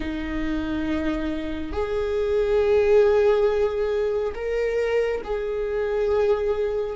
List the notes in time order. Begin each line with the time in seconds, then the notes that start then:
0.00 D#4
1.72 G#4
4.34 A#4
5.24 G#4